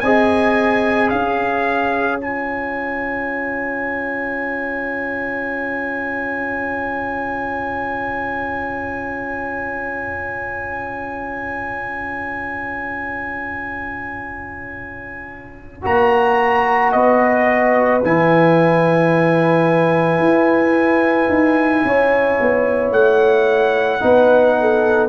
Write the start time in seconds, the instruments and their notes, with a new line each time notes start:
0.00 tuba C4, trombone G#4, horn D#5, trumpet G#5
1.10 tuba C#4, horn C#5, trumpet F5
2.20 trombone F4, trumpet G#5
15.82 tuba A#3, trombone F#4, trumpet A#5
16.92 tuba B3, horn B4, trumpet D#5
18.04 tuba E3, trombone E4, trumpet G#5
20.19 tuba E4
21.29 tuba D#4
21.85 tuba C#4, horn C#5
22.40 tuba B3
22.91 tuba A3, trumpet F#5
24.00 tuba B3, trombone D#4, horn B4
24.60 horn A4